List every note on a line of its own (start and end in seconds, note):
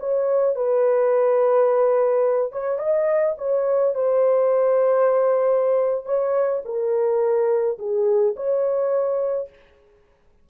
0.00 0.56 C#5
0.56 2.52 B4
2.52 2.79 C#5
2.79 3.36 D#5
3.38 3.95 C#5
3.95 6.06 C5
6.06 6.63 C#5
6.65 7.79 A#4
7.79 8.35 G#4
8.36 9.50 C#5